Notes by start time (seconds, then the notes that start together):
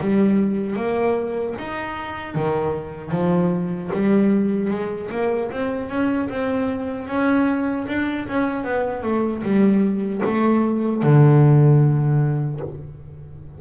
0.00 G3
0.76 A#3
1.58 D#4
2.34 D#3
3.11 F3
3.93 G3
4.70 G#3
5.11 A#3
5.50 C4
5.89 C#4
6.29 C4
7.07 C#4
7.87 D4
8.28 C#4
8.64 B3
9.03 A3
9.42 G3
10.24 A3
11.02 D3